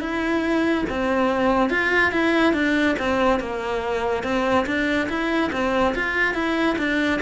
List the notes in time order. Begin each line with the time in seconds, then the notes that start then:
0.00 E4
0.89 C4
1.70 F4
2.12 E4
2.54 D4
2.99 C4
3.40 A#3
4.23 C4
4.66 D4
5.09 E4
5.52 C4
5.95 F4
6.34 E4
6.78 D4